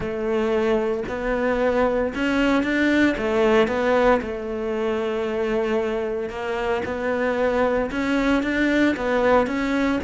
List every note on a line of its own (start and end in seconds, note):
0.00 1.03 A3
1.08 2.13 B3
2.14 2.63 C#4
2.63 3.15 D4
3.17 3.67 A3
3.67 4.20 B3
4.21 6.29 A3
6.29 6.82 A#3
6.85 7.90 B3
7.91 8.42 C#4
8.42 8.95 D4
8.96 9.47 B3
9.47 9.99 C#4